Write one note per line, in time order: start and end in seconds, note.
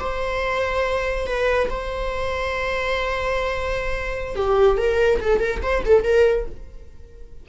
0.00 1.27 C5
1.27 1.69 B4
1.70 4.36 C5
4.36 4.78 G4
4.78 5.21 A#4
5.21 5.40 A4
5.40 5.61 A#4
5.63 5.84 C5
5.86 6.04 A4
6.04 6.46 A#4